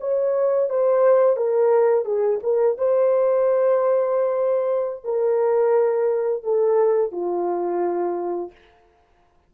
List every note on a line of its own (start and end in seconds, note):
0.00 0.69 C#5
0.69 1.36 C5
1.36 2.05 A#4
2.05 2.40 G#4
2.43 2.77 A#4
2.77 5.04 C5
5.04 6.43 A#4
6.43 7.12 A4
7.12 8.51 F4